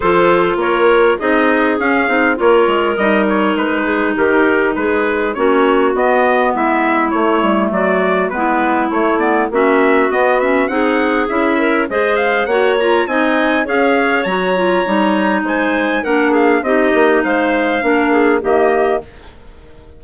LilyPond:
<<
  \new Staff \with { instrumentName = "trumpet" } { \time 4/4 \tempo 4 = 101 c''4 cis''4 dis''4 f''4 | cis''4 dis''8 cis''8 b'4 ais'4 | b'4 cis''4 dis''4 e''4 | cis''4 d''4 b'4 cis''8 d''8 |
e''4 dis''8 e''8 fis''4 e''4 | dis''8 f''8 fis''8 ais''8 gis''4 f''4 | ais''2 gis''4 fis''8 f''8 | dis''4 f''2 dis''4 | }
  \new Staff \with { instrumentName = "clarinet" } { \time 4/4 a'4 ais'4 gis'2 | ais'2~ ais'8 gis'8 g'4 | gis'4 fis'2 e'4~ | e'4 fis'4 e'2 |
fis'2 gis'4. ais'8 | c''4 cis''4 dis''4 cis''4~ | cis''2 c''4 ais'8 gis'8 | g'4 c''4 ais'8 gis'8 g'4 | }
  \new Staff \with { instrumentName = "clarinet" } { \time 4/4 f'2 dis'4 cis'8 dis'8 | f'4 dis'2.~ | dis'4 cis'4 b2 | a2 b4 a8 b8 |
cis'4 b8 cis'8 dis'4 e'4 | gis'4 fis'8 f'8 dis'4 gis'4 | fis'8 f'8 dis'2 d'4 | dis'2 d'4 ais4 | }
  \new Staff \with { instrumentName = "bassoon" } { \time 4/4 f4 ais4 c'4 cis'8 c'8 | ais8 gis8 g4 gis4 dis4 | gis4 ais4 b4 gis4 | a8 g8 fis4 gis4 a4 |
ais4 b4 c'4 cis'4 | gis4 ais4 c'4 cis'4 | fis4 g4 gis4 ais4 | c'8 ais8 gis4 ais4 dis4 | }
>>